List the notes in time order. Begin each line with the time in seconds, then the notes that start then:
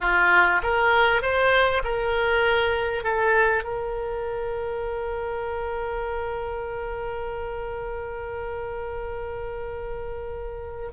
0.01 F4
0.62 A#4
1.21 C5
1.83 A#4
3.03 A4
3.63 A#4